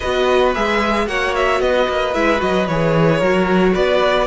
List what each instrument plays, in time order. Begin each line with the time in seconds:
0.00 cello B3, viola F#4, violin B4 D#5
0.54 cello G#3, viola G#4, violin E5
1.06 cello A#3, viola F#4, violin C#5 F#5
1.35 violin E5
1.60 cello B3, violin B4 D#5
1.88 cello A#3
2.14 cello G#3, viola E4, violin E5
2.37 cello F#3, viola F#4, violin D#5
2.67 cello E3, viola G#4, violin C#5
3.18 cello F#3, viola F#4, violin A#4
3.73 cello B3, violin B4 D5